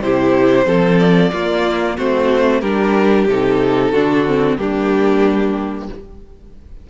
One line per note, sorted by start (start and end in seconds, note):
0.00 0.65 C3
0.00 0.65 E4
0.00 0.66 G4
0.00 0.98 C5
0.65 1.31 F3
0.65 1.30 C4
0.65 1.31 A4
0.98 1.96 D5
1.32 1.97 A#3
1.32 1.97 F4
1.97 2.62 A3
1.97 2.63 C4
1.97 2.61 F#4
1.97 2.60 C5
2.60 3.27 G3
2.60 3.28 D4
2.60 3.91 G4
2.60 3.25 A#4
3.27 3.92 C3
3.27 3.93 D#4
3.27 4.57 A4
3.91 4.57 D3
3.91 4.26 D4
3.91 4.56 F#4
4.26 4.58 C4
4.57 5.88 G3
4.57 5.88 A#3
4.57 5.89 D4
4.57 5.87 G4